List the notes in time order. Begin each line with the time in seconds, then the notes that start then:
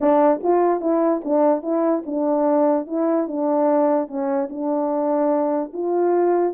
0.00 D4
0.43 F4
0.80 E4
1.24 D4
1.62 E4
2.06 D4
2.86 E4
3.27 D4
4.07 C#4
4.49 D4
5.73 F4